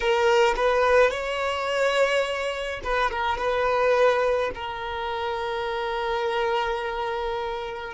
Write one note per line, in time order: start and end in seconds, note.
0.00 0.54 A#4
0.56 1.10 B4
1.10 2.80 C#5
2.83 3.10 B4
3.10 3.37 A#4
3.37 4.50 B4
4.54 7.93 A#4